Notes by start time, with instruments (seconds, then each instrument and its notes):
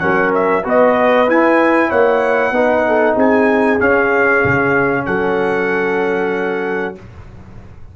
0.00 tuba F#3, trombone C#4, horn A#4, trumpet F#5
0.35 trumpet E5
0.64 tuba B3, trombone F#4, horn B4, trumpet D#5
1.28 trombone E4, tuba E4, trumpet G#5
1.90 tuba A#3, horn C#5, trumpet F#5
2.52 tuba B3, trombone D#4, horn B4
2.87 horn A4
3.15 tuba C4, horn G#4, trumpet G#5
3.80 trombone C#4, tuba C#4, trumpet F5
4.45 tuba C#3
5.06 tuba F#3, horn A4, trumpet F#5